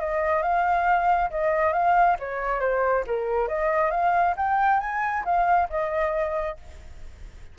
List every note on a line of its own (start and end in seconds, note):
0.00 0.43 D#5
0.43 1.30 F5
1.30 1.73 D#5
1.73 2.17 F5
2.19 2.60 C#5
2.60 3.04 C5
3.07 3.48 A#4
3.48 3.91 D#5
3.91 4.35 F5
4.37 4.80 G5
4.80 5.24 G#5
5.25 5.69 F5
5.70 6.57 D#5